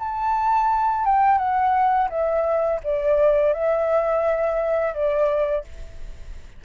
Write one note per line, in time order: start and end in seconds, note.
0.00 1.06 A5
1.06 1.38 G5
1.38 2.09 F#5
2.10 2.81 E5
2.84 3.54 D5
3.54 4.94 E5
4.94 5.65 D5